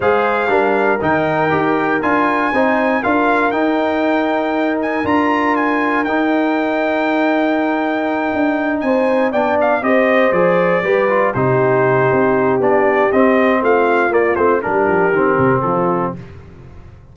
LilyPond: <<
  \new Staff \with { instrumentName = "trumpet" } { \time 4/4 \tempo 4 = 119 f''2 g''2 | gis''2 f''4 g''4~ | g''4. gis''8 ais''4 gis''4 | g''1~ |
g''4. gis''4 g''8 f''8 dis''8~ | dis''8 d''2 c''4.~ | c''4 d''4 dis''4 f''4 | d''8 c''8 ais'2 a'4 | }
  \new Staff \with { instrumentName = "horn" } { \time 4/4 c''4 ais'2.~ | ais'4 c''4 ais'2~ | ais'1~ | ais'1~ |
ais'4. c''4 d''4 c''8~ | c''4. b'4 g'4.~ | g'2. f'4~ | f'4 g'2 f'4 | }
  \new Staff \with { instrumentName = "trombone" } { \time 4/4 gis'4 d'4 dis'4 g'4 | f'4 dis'4 f'4 dis'4~ | dis'2 f'2 | dis'1~ |
dis'2~ dis'8 d'4 g'8~ | g'8 gis'4 g'8 f'8 dis'4.~ | dis'4 d'4 c'2 | ais8 c'8 d'4 c'2 | }
  \new Staff \with { instrumentName = "tuba" } { \time 4/4 gis4 g4 dis4 dis'4 | d'4 c'4 d'4 dis'4~ | dis'2 d'2 | dis'1~ |
dis'8 d'4 c'4 b4 c'8~ | c'8 f4 g4 c4. | c'4 b4 c'4 a4 | ais8 a8 g8 f8 dis8 c8 f4 | }
>>